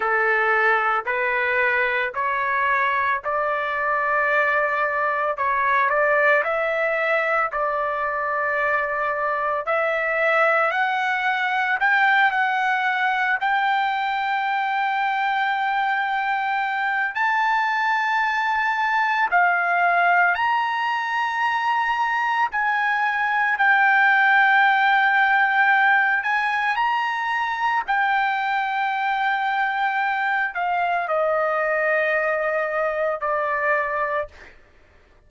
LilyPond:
\new Staff \with { instrumentName = "trumpet" } { \time 4/4 \tempo 4 = 56 a'4 b'4 cis''4 d''4~ | d''4 cis''8 d''8 e''4 d''4~ | d''4 e''4 fis''4 g''8 fis''8~ | fis''8 g''2.~ g''8 |
a''2 f''4 ais''4~ | ais''4 gis''4 g''2~ | g''8 gis''8 ais''4 g''2~ | g''8 f''8 dis''2 d''4 | }